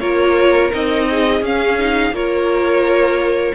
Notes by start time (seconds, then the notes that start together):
0.00 A#3 F4 A#4 C#5
0.71 C4 D#4 D#5
1.10 G#4
1.41 C#4 F5
1.79 D#4
2.11 A#3 F4 A#4 C#5